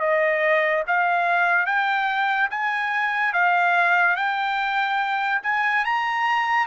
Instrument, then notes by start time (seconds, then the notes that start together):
trumpet
0.00 D#5
0.87 F5
1.66 G5
2.50 G#5
3.33 F5
4.16 G5
5.43 G#5
5.85 A#5